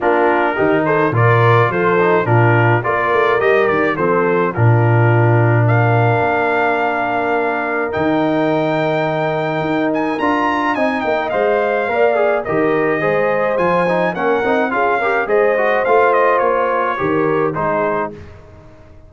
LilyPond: <<
  \new Staff \with { instrumentName = "trumpet" } { \time 4/4 \tempo 4 = 106 ais'4. c''8 d''4 c''4 | ais'4 d''4 dis''8 d''8 c''4 | ais'2 f''2~ | f''2 g''2~ |
g''4. gis''8 ais''4 gis''8 g''8 | f''2 dis''2 | gis''4 fis''4 f''4 dis''4 | f''8 dis''8 cis''2 c''4 | }
  \new Staff \with { instrumentName = "horn" } { \time 4/4 f'4 g'8 a'8 ais'4 a'4 | f'4 ais'2 a'4 | f'2 ais'2~ | ais'1~ |
ais'2. dis''4~ | dis''4 d''4 ais'4 c''4~ | c''4 ais'4 gis'8 ais'8 c''4~ | c''2 ais'4 gis'4 | }
  \new Staff \with { instrumentName = "trombone" } { \time 4/4 d'4 dis'4 f'4. dis'8 | d'4 f'4 g'4 c'4 | d'1~ | d'2 dis'2~ |
dis'2 f'4 dis'4 | c''4 ais'8 gis'8 g'4 gis'4 | f'8 dis'8 cis'8 dis'8 f'8 g'8 gis'8 fis'8 | f'2 g'4 dis'4 | }
  \new Staff \with { instrumentName = "tuba" } { \time 4/4 ais4 dis4 ais,4 f4 | ais,4 ais8 a8 g8 dis8 f4 | ais,2. ais4~ | ais2 dis2~ |
dis4 dis'4 d'4 c'8 ais8 | gis4 ais4 dis4 gis4 | f4 ais8 c'8 cis'4 gis4 | a4 ais4 dis4 gis4 | }
>>